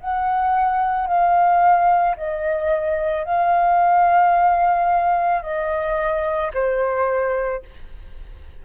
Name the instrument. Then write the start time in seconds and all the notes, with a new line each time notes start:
flute
0.00 F#5
1.07 F5
2.17 D#5
3.24 F5
5.42 D#5
6.54 C5